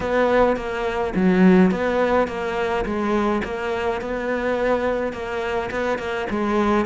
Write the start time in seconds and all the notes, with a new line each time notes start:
0.00 B3
0.56 A#3
1.15 F#3
1.71 B3
2.27 A#3
2.85 G#3
3.44 A#3
4.01 B3
5.12 A#3
5.70 B3
5.98 A#3
6.29 G#3